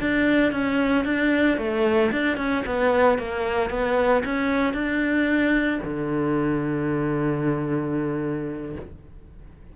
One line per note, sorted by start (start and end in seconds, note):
0.00 0.52 D4
0.52 1.05 C#4
1.05 1.57 D4
1.57 2.10 A3
2.11 2.37 D4
2.37 2.64 C#4
2.65 3.18 B3
3.18 3.70 A#3
3.70 4.23 B3
4.24 4.73 C#4
4.73 5.79 D4
5.83 8.75 D3